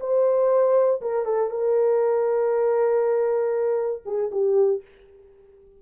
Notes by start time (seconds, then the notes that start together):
0.00 C5
1.01 A#4
1.25 A4
1.50 A#4
4.05 G#4
4.31 G4